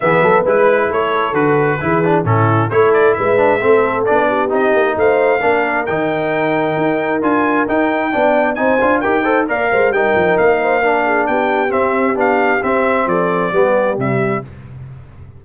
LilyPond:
<<
  \new Staff \with { instrumentName = "trumpet" } { \time 4/4 \tempo 4 = 133 e''4 b'4 cis''4 b'4~ | b'4 a'4 cis''8 d''8 e''4~ | e''4 d''4 dis''4 f''4~ | f''4 g''2. |
gis''4 g''2 gis''4 | g''4 f''4 g''4 f''4~ | f''4 g''4 e''4 f''4 | e''4 d''2 e''4 | }
  \new Staff \with { instrumentName = "horn" } { \time 4/4 gis'8 a'8 b'4 a'2 | gis'4 e'4 a'4 b'4 | a'4. g'4. c''4 | ais'1~ |
ais'2 d''4 c''4 | ais'8 c''8 d''8 c''8 ais'4. c''8 | ais'8 gis'8 g'2.~ | g'4 a'4 g'2 | }
  \new Staff \with { instrumentName = "trombone" } { \time 4/4 b4 e'2 fis'4 | e'8 d'8 cis'4 e'4. d'8 | c'4 d'4 dis'2 | d'4 dis'2. |
f'4 dis'4 d'4 dis'8 f'8 | g'8 a'8 ais'4 dis'2 | d'2 c'4 d'4 | c'2 b4 g4 | }
  \new Staff \with { instrumentName = "tuba" } { \time 4/4 e8 fis8 gis4 a4 d4 | e4 a,4 a4 gis4 | a4 b4 c'8 ais8 a4 | ais4 dis2 dis'4 |
d'4 dis'4 b4 c'8 d'8 | dis'4 ais8 gis8 g8 f8 ais4~ | ais4 b4 c'4 b4 | c'4 f4 g4 c4 | }
>>